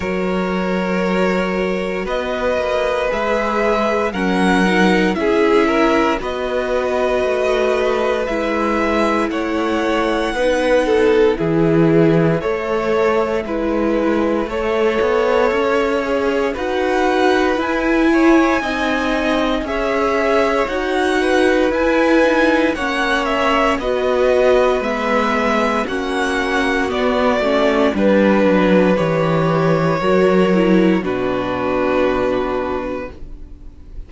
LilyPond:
<<
  \new Staff \with { instrumentName = "violin" } { \time 4/4 \tempo 4 = 58 cis''2 dis''4 e''4 | fis''4 e''4 dis''2 | e''4 fis''2 e''4~ | e''1 |
fis''4 gis''2 e''4 | fis''4 gis''4 fis''8 e''8 dis''4 | e''4 fis''4 d''4 b'4 | cis''2 b'2 | }
  \new Staff \with { instrumentName = "violin" } { \time 4/4 ais'2 b'2 | ais'4 gis'8 ais'8 b'2~ | b'4 cis''4 b'8 a'8 gis'4 | cis''4 b'4 cis''2 |
b'4. cis''8 dis''4 cis''4~ | cis''8 b'4. cis''4 b'4~ | b'4 fis'2 b'4~ | b'4 ais'4 fis'2 | }
  \new Staff \with { instrumentName = "viola" } { \time 4/4 fis'2. gis'4 | cis'8 dis'8 e'4 fis'2 | e'2 dis'4 e'4 | a'4 e'4 a'4. gis'8 |
fis'4 e'4 dis'4 gis'4 | fis'4 e'8 dis'8 cis'4 fis'4 | b4 cis'4 b8 cis'8 d'4 | g'4 fis'8 e'8 d'2 | }
  \new Staff \with { instrumentName = "cello" } { \time 4/4 fis2 b8 ais8 gis4 | fis4 cis'4 b4 a4 | gis4 a4 b4 e4 | a4 gis4 a8 b8 cis'4 |
dis'4 e'4 c'4 cis'4 | dis'4 e'4 ais4 b4 | gis4 ais4 b8 a8 g8 fis8 | e4 fis4 b,2 | }
>>